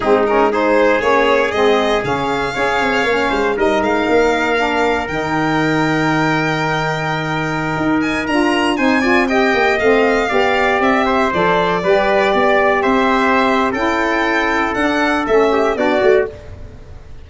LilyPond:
<<
  \new Staff \with { instrumentName = "violin" } { \time 4/4 \tempo 4 = 118 gis'8 ais'8 c''4 cis''4 dis''4 | f''2. dis''8 f''8~ | f''2 g''2~ | g''2.~ g''8. gis''16~ |
gis''16 ais''4 gis''4 g''4 f''8.~ | f''4~ f''16 e''4 d''4.~ d''16~ | d''4~ d''16 e''4.~ e''16 g''4~ | g''4 fis''4 e''4 d''4 | }
  \new Staff \with { instrumentName = "trumpet" } { \time 4/4 dis'4 gis'2.~ | gis'4 cis''4. c''8 ais'4~ | ais'1~ | ais'1~ |
ais'4~ ais'16 c''8 d''8 dis''4.~ dis''16~ | dis''16 d''4. c''4. b'8.~ | b'16 d''4 c''4.~ c''16 a'4~ | a'2~ a'8 g'8 fis'4 | }
  \new Staff \with { instrumentName = "saxophone" } { \time 4/4 c'8 cis'8 dis'4 cis'4 c'4 | cis'4 gis'4 cis'4 dis'4~ | dis'4 d'4 dis'2~ | dis'1~ |
dis'16 f'4 dis'8 f'8 g'4 c'8.~ | c'16 g'2 a'4 g'8.~ | g'2. e'4~ | e'4 d'4 cis'4 d'8 fis'8 | }
  \new Staff \with { instrumentName = "tuba" } { \time 4/4 gis2 ais4 gis4 | cis4 cis'8 c'8 ais8 gis8 g8 gis8 | ais2 dis2~ | dis2.~ dis16 dis'8.~ |
dis'16 d'4 c'4. ais8 a8.~ | a16 b4 c'4 f4 g8.~ | g16 b4 c'4.~ c'16 cis'4~ | cis'4 d'4 a4 b8 a8 | }
>>